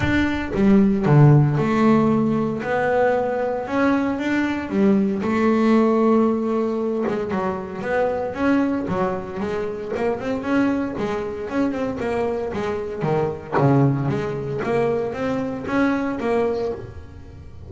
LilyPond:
\new Staff \with { instrumentName = "double bass" } { \time 4/4 \tempo 4 = 115 d'4 g4 d4 a4~ | a4 b2 cis'4 | d'4 g4 a2~ | a4. gis8 fis4 b4 |
cis'4 fis4 gis4 ais8 c'8 | cis'4 gis4 cis'8 c'8 ais4 | gis4 dis4 cis4 gis4 | ais4 c'4 cis'4 ais4 | }